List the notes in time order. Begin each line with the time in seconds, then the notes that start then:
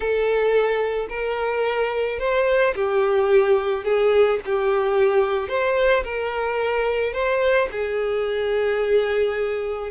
0.00 A4
1.09 A#4
2.19 C5
2.75 G4
3.84 G#4
4.45 G4
5.48 C5
6.04 A#4
7.13 C5
7.71 G#4